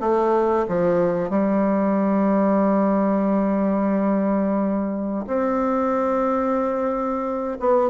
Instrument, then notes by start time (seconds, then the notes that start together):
bassoon
0.00 A3
0.68 F3
1.29 G3
5.27 C4
7.59 B3